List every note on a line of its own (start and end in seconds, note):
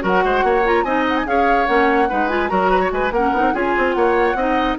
0.00 0.25 F#3
0.00 0.62 F#4
0.00 0.24 A#4
0.07 0.67 F#5
0.25 0.43 G#3
0.25 0.45 C5
0.43 0.84 A#3
0.43 0.85 C#5
0.65 0.86 F4
0.65 0.84 A#5
0.84 1.25 C4
0.84 1.26 D#4
0.84 1.26 D#5
0.84 1.05 G#5
1.09 1.17 F#5
1.17 1.28 G#5
1.26 1.68 C#4
1.26 1.67 G#4
1.26 2.09 C#5
1.26 1.67 F5
1.67 2.10 A#3
1.67 2.09 C#4
1.67 2.29 F#5
2.09 2.51 G#3
2.09 2.30 D#4
2.09 2.50 B4
2.29 2.49 F4
2.29 2.49 G#5
2.49 2.92 F#3
2.49 3.11 F#4
2.49 2.71 A#4
2.49 2.91 A#5
2.71 2.81 B4
2.81 2.91 C#5
2.92 3.12 G#3
2.92 3.14 B4
2.92 3.13 G#5
3.12 3.32 A#3
3.12 3.54 A#4
3.12 3.55 F#5
3.18 3.36 C#4
3.33 3.41 B3
3.33 3.54 D#4
3.41 3.52 C4
3.54 3.76 C#4
3.54 4.37 F4
3.54 3.95 G#4
3.54 3.93 G#5
3.78 3.96 C4
3.93 4.35 A#3
3.93 4.37 C#5
3.93 4.76 F#5
4.35 4.76 C4
4.35 4.79 D#4
4.35 4.78 D#5